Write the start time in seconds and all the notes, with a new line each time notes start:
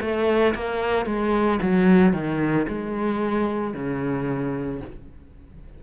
0.00 A3
0.55 A#3
1.05 G#3
1.61 F#3
2.13 D#3
2.68 G#3
3.74 C#3